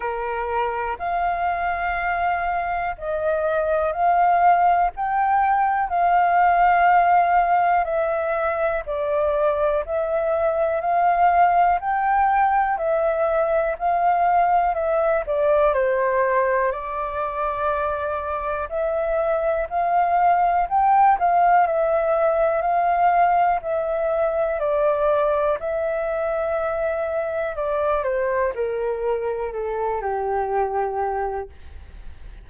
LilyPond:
\new Staff \with { instrumentName = "flute" } { \time 4/4 \tempo 4 = 61 ais'4 f''2 dis''4 | f''4 g''4 f''2 | e''4 d''4 e''4 f''4 | g''4 e''4 f''4 e''8 d''8 |
c''4 d''2 e''4 | f''4 g''8 f''8 e''4 f''4 | e''4 d''4 e''2 | d''8 c''8 ais'4 a'8 g'4. | }